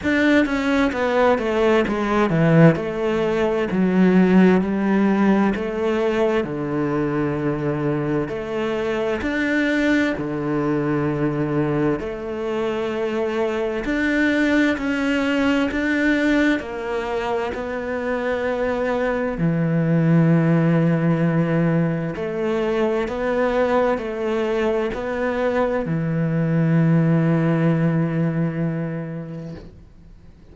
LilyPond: \new Staff \with { instrumentName = "cello" } { \time 4/4 \tempo 4 = 65 d'8 cis'8 b8 a8 gis8 e8 a4 | fis4 g4 a4 d4~ | d4 a4 d'4 d4~ | d4 a2 d'4 |
cis'4 d'4 ais4 b4~ | b4 e2. | a4 b4 a4 b4 | e1 | }